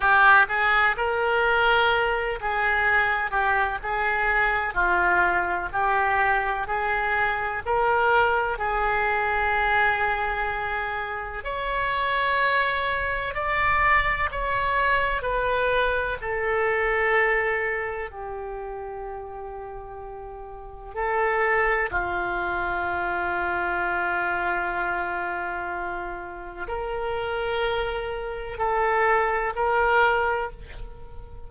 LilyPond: \new Staff \with { instrumentName = "oboe" } { \time 4/4 \tempo 4 = 63 g'8 gis'8 ais'4. gis'4 g'8 | gis'4 f'4 g'4 gis'4 | ais'4 gis'2. | cis''2 d''4 cis''4 |
b'4 a'2 g'4~ | g'2 a'4 f'4~ | f'1 | ais'2 a'4 ais'4 | }